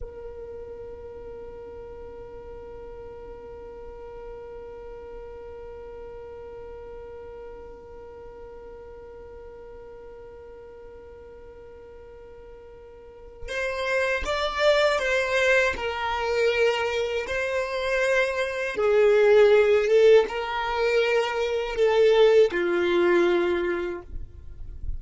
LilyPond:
\new Staff \with { instrumentName = "violin" } { \time 4/4 \tempo 4 = 80 ais'1~ | ais'1~ | ais'1~ | ais'1~ |
ais'2 c''4 d''4 | c''4 ais'2 c''4~ | c''4 gis'4. a'8 ais'4~ | ais'4 a'4 f'2 | }